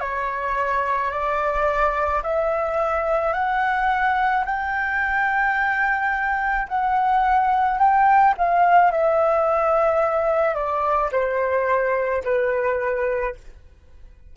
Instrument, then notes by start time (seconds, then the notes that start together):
flute
0.00 C#5
1.11 D5
2.23 E5
3.33 F#5
4.45 G5
6.68 F#5
7.79 G5
8.37 F5
8.91 E5
10.55 D5
11.12 C5
12.24 B4